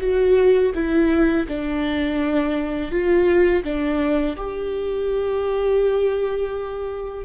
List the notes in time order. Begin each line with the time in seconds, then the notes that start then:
0.00 F#4
0.74 E4
1.48 D4
2.91 F4
3.63 D4
4.36 G4